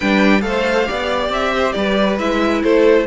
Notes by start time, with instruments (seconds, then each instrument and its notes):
0.00 cello G3, viola D4, violin B4 G5
0.41 cello A3, viola A4, violin C5 F5
0.85 cello B3, viola G4, violin D5
1.29 cello C4, violin E5
1.52 violin C5
1.72 cello G3, violin B4 D5
2.18 cello G#3, viola E4, violin E5
2.62 cello A3, violin A4 C5